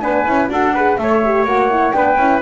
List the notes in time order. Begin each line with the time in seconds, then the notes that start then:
0.00 B3 D4 B4 G#5
0.25 C#4 E4
0.49 D4 F#4 A4 F#5
0.75 G#4 B4
0.97 A3 A4 C#5 E5
1.24 G4
1.44 A#3 F#4 F#5
1.70 E4
1.92 B3 D4 B4 G5
2.17 C#4 E4